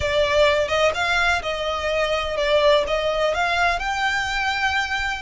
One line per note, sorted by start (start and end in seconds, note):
0.00 0.68 D5
0.68 0.91 D#5
0.94 1.42 F5
1.42 2.36 D#5
2.36 2.84 D5
2.87 3.34 D#5
3.34 3.79 F5
3.79 5.22 G5